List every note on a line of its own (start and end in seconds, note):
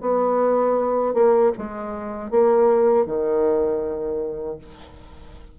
0.00 1.14 B3
1.14 1.52 A#3
1.57 2.30 G#3
2.30 3.06 A#3
3.06 4.57 D#3